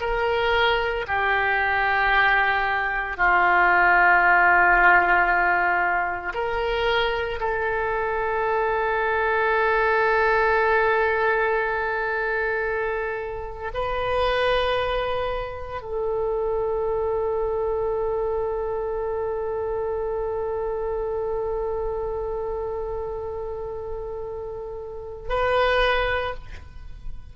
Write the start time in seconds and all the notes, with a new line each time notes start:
0.00 A#4
1.07 G4
3.17 F4
6.33 A#4
7.39 A4
13.73 B4
15.81 A4
25.29 B4